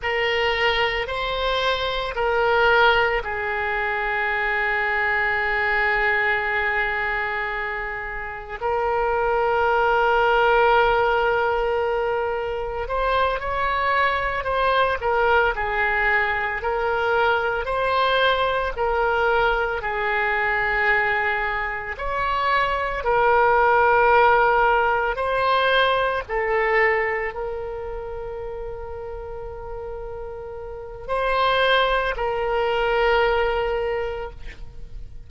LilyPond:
\new Staff \with { instrumentName = "oboe" } { \time 4/4 \tempo 4 = 56 ais'4 c''4 ais'4 gis'4~ | gis'1 | ais'1 | c''8 cis''4 c''8 ais'8 gis'4 ais'8~ |
ais'8 c''4 ais'4 gis'4.~ | gis'8 cis''4 ais'2 c''8~ | c''8 a'4 ais'2~ ais'8~ | ais'4 c''4 ais'2 | }